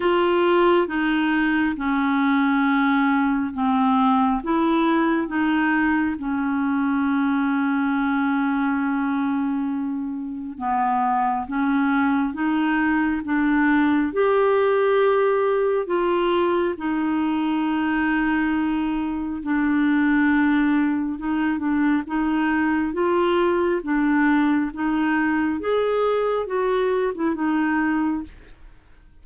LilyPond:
\new Staff \with { instrumentName = "clarinet" } { \time 4/4 \tempo 4 = 68 f'4 dis'4 cis'2 | c'4 e'4 dis'4 cis'4~ | cis'1 | b4 cis'4 dis'4 d'4 |
g'2 f'4 dis'4~ | dis'2 d'2 | dis'8 d'8 dis'4 f'4 d'4 | dis'4 gis'4 fis'8. e'16 dis'4 | }